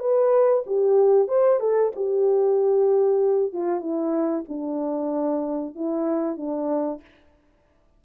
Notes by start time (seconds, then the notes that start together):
0.00 B4
0.67 G4
1.29 C5
1.60 A4
1.96 G4
3.53 F4
3.81 E4
4.49 D4
5.76 E4
6.37 D4